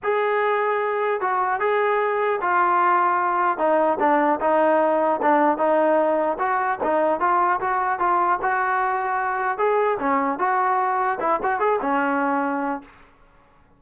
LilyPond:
\new Staff \with { instrumentName = "trombone" } { \time 4/4 \tempo 4 = 150 gis'2. fis'4 | gis'2 f'2~ | f'4 dis'4 d'4 dis'4~ | dis'4 d'4 dis'2 |
fis'4 dis'4 f'4 fis'4 | f'4 fis'2. | gis'4 cis'4 fis'2 | e'8 fis'8 gis'8 cis'2~ cis'8 | }